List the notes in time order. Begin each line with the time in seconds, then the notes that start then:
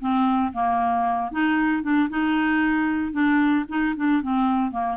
0.00 C4
0.53 A#3
1.32 D#4
1.83 D4
2.10 D#4
3.12 D4
3.69 D#4
3.96 D4
4.22 C4
4.72 A#3